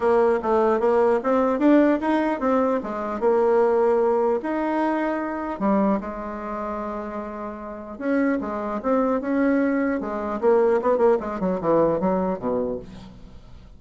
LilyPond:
\new Staff \with { instrumentName = "bassoon" } { \time 4/4 \tempo 4 = 150 ais4 a4 ais4 c'4 | d'4 dis'4 c'4 gis4 | ais2. dis'4~ | dis'2 g4 gis4~ |
gis1 | cis'4 gis4 c'4 cis'4~ | cis'4 gis4 ais4 b8 ais8 | gis8 fis8 e4 fis4 b,4 | }